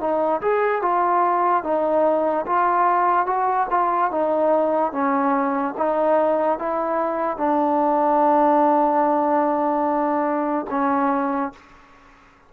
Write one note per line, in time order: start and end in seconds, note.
0.00 0.41 D#4
0.41 0.82 G#4
0.82 1.63 F4
1.63 2.45 D#4
2.46 3.26 F4
3.26 3.67 F#4
3.70 4.11 F4
4.11 4.92 D#4
4.92 5.75 C#4
5.78 6.59 D#4
6.59 7.37 E4
7.37 10.66 D4
10.70 11.53 C#4